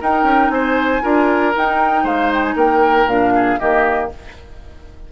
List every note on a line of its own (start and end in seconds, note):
0.00 1.01 D#4
0.00 0.23 D#4
0.00 0.51 A#4
0.00 0.50 G5
0.23 0.48 C#4
0.49 1.00 C4
0.49 1.02 C5
0.49 1.53 G#5
1.01 1.55 D4
1.01 1.52 F4
1.01 2.03 A#4
1.56 3.08 D#4
1.56 2.04 D#4
1.56 2.06 G5
2.03 2.55 G#3
2.03 2.54 C5
2.03 2.32 F5
2.33 2.43 G5
2.43 2.56 G#5
2.55 3.06 A#3
2.55 3.33 A#4
2.55 3.08 G5
3.06 3.57 A#2
3.06 3.58 D4
3.06 3.59 F5
3.34 3.59 G#4
3.58 4.11 D#3
3.58 4.10 A#3
3.58 4.10 G4
3.58 4.11 D#5